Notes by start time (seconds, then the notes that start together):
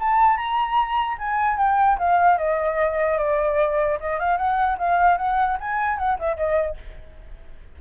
0.00 A5
0.37 A#5
1.18 G#5
1.58 G5
1.99 F5
2.38 D#5
3.18 D5
4.00 D#5
4.20 F5
4.37 F#5
4.78 F5
5.17 F#5
5.60 G#5
5.98 F#5
6.19 E5
6.37 D#5